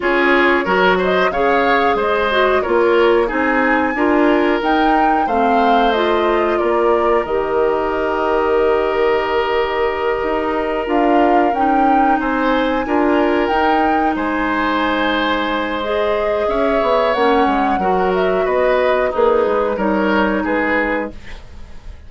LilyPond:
<<
  \new Staff \with { instrumentName = "flute" } { \time 4/4 \tempo 4 = 91 cis''4. dis''8 f''4 dis''4 | cis''4 gis''2 g''4 | f''4 dis''4 d''4 dis''4~ | dis''1~ |
dis''8 f''4 g''4 gis''4.~ | gis''8 g''4 gis''2~ gis''8 | dis''4 e''4 fis''4. e''8 | dis''4 b'4 cis''4 b'4 | }
  \new Staff \with { instrumentName = "oboe" } { \time 4/4 gis'4 ais'8 c''8 cis''4 c''4 | ais'4 gis'4 ais'2 | c''2 ais'2~ | ais'1~ |
ais'2~ ais'8 c''4 ais'8~ | ais'4. c''2~ c''8~ | c''4 cis''2 ais'4 | b'4 dis'4 ais'4 gis'4 | }
  \new Staff \with { instrumentName = "clarinet" } { \time 4/4 f'4 fis'4 gis'4. fis'8 | f'4 dis'4 f'4 dis'4 | c'4 f'2 g'4~ | g'1~ |
g'8 f'4 dis'2 f'8~ | f'8 dis'2.~ dis'8 | gis'2 cis'4 fis'4~ | fis'4 gis'4 dis'2 | }
  \new Staff \with { instrumentName = "bassoon" } { \time 4/4 cis'4 fis4 cis4 gis4 | ais4 c'4 d'4 dis'4 | a2 ais4 dis4~ | dis2.~ dis8 dis'8~ |
dis'8 d'4 cis'4 c'4 d'8~ | d'8 dis'4 gis2~ gis8~ | gis4 cis'8 b8 ais8 gis8 fis4 | b4 ais8 gis8 g4 gis4 | }
>>